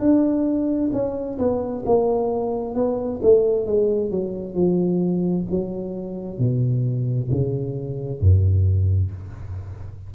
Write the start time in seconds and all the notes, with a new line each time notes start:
0.00 D4
0.93 C#4
1.38 B3
1.86 A#3
2.75 B3
3.23 A3
3.67 G#3
4.11 F#3
4.55 F3
5.50 F#3
6.39 B2
7.31 C#3
8.20 F#2